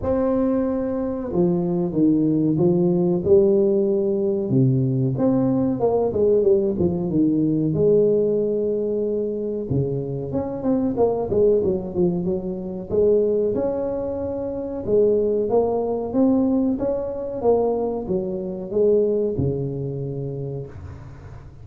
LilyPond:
\new Staff \with { instrumentName = "tuba" } { \time 4/4 \tempo 4 = 93 c'2 f4 dis4 | f4 g2 c4 | c'4 ais8 gis8 g8 f8 dis4 | gis2. cis4 |
cis'8 c'8 ais8 gis8 fis8 f8 fis4 | gis4 cis'2 gis4 | ais4 c'4 cis'4 ais4 | fis4 gis4 cis2 | }